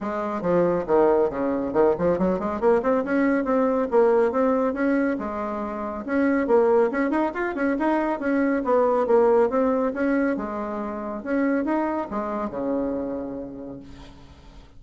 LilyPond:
\new Staff \with { instrumentName = "bassoon" } { \time 4/4 \tempo 4 = 139 gis4 f4 dis4 cis4 | dis8 f8 fis8 gis8 ais8 c'8 cis'4 | c'4 ais4 c'4 cis'4 | gis2 cis'4 ais4 |
cis'8 dis'8 f'8 cis'8 dis'4 cis'4 | b4 ais4 c'4 cis'4 | gis2 cis'4 dis'4 | gis4 cis2. | }